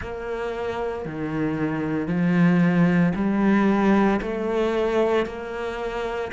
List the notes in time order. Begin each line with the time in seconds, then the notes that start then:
0.01 A#3
1.05 D#3
2.07 F3
3.15 G3
4.21 A3
5.26 A#3